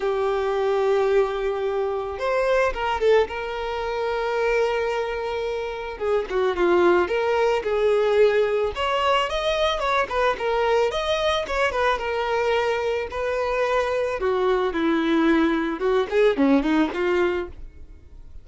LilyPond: \new Staff \with { instrumentName = "violin" } { \time 4/4 \tempo 4 = 110 g'1 | c''4 ais'8 a'8 ais'2~ | ais'2. gis'8 fis'8 | f'4 ais'4 gis'2 |
cis''4 dis''4 cis''8 b'8 ais'4 | dis''4 cis''8 b'8 ais'2 | b'2 fis'4 e'4~ | e'4 fis'8 gis'8 cis'8 dis'8 f'4 | }